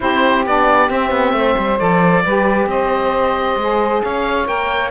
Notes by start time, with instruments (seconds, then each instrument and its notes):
0.00 cello C4, saxophone E4 G4, oboe C5
0.45 cello B3, saxophone D4, oboe D5
0.89 saxophone C4, cello C4, oboe E5
1.10 cello B3
1.32 cello A3, saxophone C5
1.57 cello G3
1.78 cello F3, saxophone A4, oboe D5
2.24 cello G3, saxophone G4 B4
2.66 cello C4, saxophone C5, oboe D#5
3.56 cello G#3, saxophone G#4
4.02 cello C#4, saxophone C#5, oboe F5
4.45 cello A#3, saxophone A#4, oboe G5